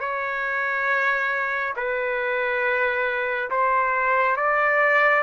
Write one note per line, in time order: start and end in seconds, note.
0.00 1.74 C#5
1.76 3.50 B4
3.51 4.36 C5
4.36 5.23 D5